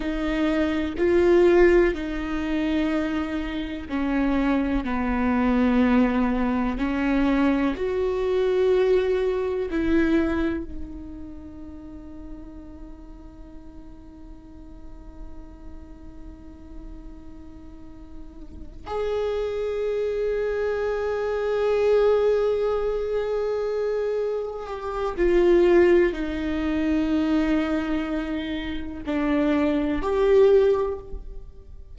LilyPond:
\new Staff \with { instrumentName = "viola" } { \time 4/4 \tempo 4 = 62 dis'4 f'4 dis'2 | cis'4 b2 cis'4 | fis'2 e'4 dis'4~ | dis'1~ |
dis'2.~ dis'8 gis'8~ | gis'1~ | gis'4. g'8 f'4 dis'4~ | dis'2 d'4 g'4 | }